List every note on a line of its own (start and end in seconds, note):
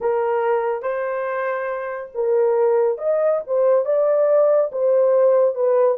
0.00 0.82 A#4
0.82 2.10 C5
2.14 2.98 A#4
2.98 3.41 D#5
3.46 3.85 C5
3.85 4.71 D5
4.71 5.54 C5
5.54 5.97 B4